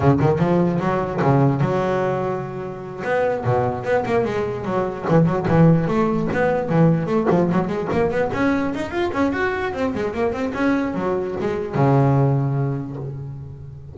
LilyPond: \new Staff \with { instrumentName = "double bass" } { \time 4/4 \tempo 4 = 148 cis8 dis8 f4 fis4 cis4 | fis2.~ fis8 b8~ | b8 b,4 b8 ais8 gis4 fis8~ | fis8 e8 fis8 e4 a4 b8~ |
b8 e4 a8 f8 fis8 gis8 ais8 | b8 cis'4 dis'8 f'8 cis'8 fis'4 | c'8 gis8 ais8 c'8 cis'4 fis4 | gis4 cis2. | }